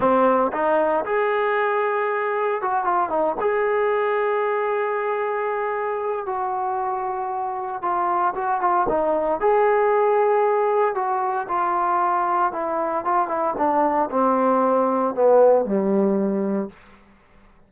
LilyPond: \new Staff \with { instrumentName = "trombone" } { \time 4/4 \tempo 4 = 115 c'4 dis'4 gis'2~ | gis'4 fis'8 f'8 dis'8 gis'4.~ | gis'1 | fis'2. f'4 |
fis'8 f'8 dis'4 gis'2~ | gis'4 fis'4 f'2 | e'4 f'8 e'8 d'4 c'4~ | c'4 b4 g2 | }